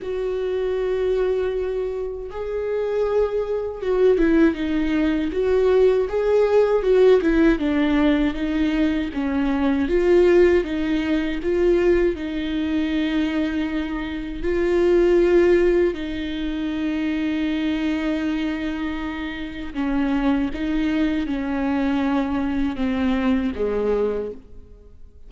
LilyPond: \new Staff \with { instrumentName = "viola" } { \time 4/4 \tempo 4 = 79 fis'2. gis'4~ | gis'4 fis'8 e'8 dis'4 fis'4 | gis'4 fis'8 e'8 d'4 dis'4 | cis'4 f'4 dis'4 f'4 |
dis'2. f'4~ | f'4 dis'2.~ | dis'2 cis'4 dis'4 | cis'2 c'4 gis4 | }